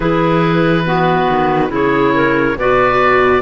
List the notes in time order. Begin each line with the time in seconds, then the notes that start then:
0.00 E3 E4 G#4 B4
0.85 B3 F#4
1.29 D#3
1.69 C#3 E4 G#4 C#5
2.14 A#4
2.57 B2 F#4 B4 D5